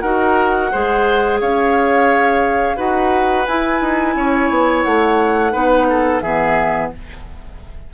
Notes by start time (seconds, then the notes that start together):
0.00 D#4 F#4 A#4 F#5
0.71 G#3 G#4 C5
1.41 C#4 C#5 F5
2.76 D#4 F#4 B4 F#5
3.46 E4 G#5
3.81 D#4
4.16 C#4 C#5
4.50 B3
4.83 A3 F#5
5.52 B3 D#4 B4
5.89 A4
6.21 E3 B3 G#4 E5